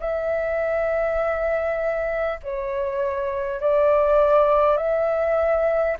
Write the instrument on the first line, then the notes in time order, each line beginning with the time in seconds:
flute
0.00 E5
2.43 C#5
3.60 D5
4.77 E5